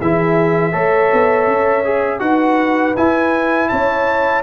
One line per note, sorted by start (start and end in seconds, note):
0.00 0.74 E3
0.00 0.72 E4
0.00 0.71 G#4
0.00 2.20 E5
0.71 1.11 A3
0.71 1.83 A4
0.71 2.20 C#5
1.12 1.47 B3
1.47 2.20 C#4
1.84 2.19 G#4
2.19 2.94 D#4
2.19 2.93 F#4
2.19 3.69 B4
2.19 2.94 F#5
2.96 4.43 E4
2.96 3.71 E4
2.96 3.68 G#5
3.68 4.43 C#4
3.68 4.43 C#5
3.68 4.42 A5